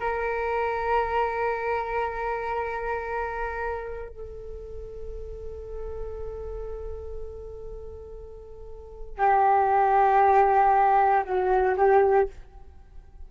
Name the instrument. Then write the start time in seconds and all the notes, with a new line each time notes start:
flute
0.00 A#4
4.09 A4
9.19 G4
11.25 F#4
11.77 G4